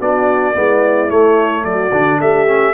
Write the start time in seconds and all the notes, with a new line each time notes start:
0.00 B3 D4 F#4 D5
0.54 G#3 B3 E4
1.09 A3 C#5
1.64 F#3 F#4 D5
1.92 D3 D4
2.20 A3 G4 E5
2.47 C#4